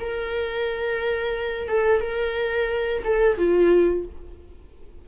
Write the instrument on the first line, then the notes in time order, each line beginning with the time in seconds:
viola
0.00 A#4
1.69 A4
2.01 A#4
3.04 A4
3.38 F4